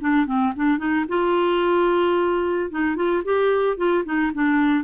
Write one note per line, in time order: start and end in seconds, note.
0.00 0.26 D4
0.26 0.53 C4
0.56 0.78 D4
0.78 1.05 D#4
1.08 2.71 F4
2.71 2.96 D#4
2.96 3.23 F4
3.24 3.77 G4
3.77 4.04 F4
4.05 4.32 D#4
4.34 4.84 D4